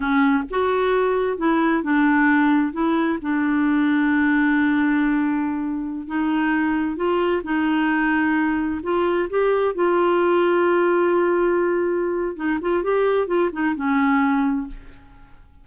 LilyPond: \new Staff \with { instrumentName = "clarinet" } { \time 4/4 \tempo 4 = 131 cis'4 fis'2 e'4 | d'2 e'4 d'4~ | d'1~ | d'4~ d'16 dis'2 f'8.~ |
f'16 dis'2. f'8.~ | f'16 g'4 f'2~ f'8.~ | f'2. dis'8 f'8 | g'4 f'8 dis'8 cis'2 | }